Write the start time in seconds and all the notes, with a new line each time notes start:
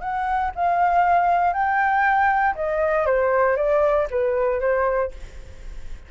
0.00 F#5
0.55 F5
1.53 G5
2.55 D#5
3.06 C5
3.56 D5
4.10 B4
4.60 C5